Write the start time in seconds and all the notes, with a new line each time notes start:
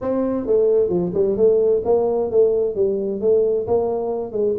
0.01 C4
0.46 A3
0.89 F3
1.14 G3
1.36 A3
1.84 A#3
2.30 A3
2.75 G3
3.21 A3
3.67 A#3
4.32 G#3